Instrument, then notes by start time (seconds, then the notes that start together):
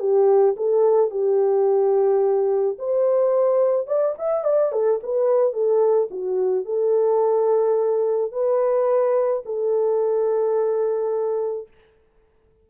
horn
0.00 G4
0.57 A4
1.11 G4
2.79 C5
3.88 D5
4.19 E5
4.45 D5
4.73 A4
5.04 B4
5.54 A4
6.11 F#4
6.65 A4
8.32 B4
9.46 A4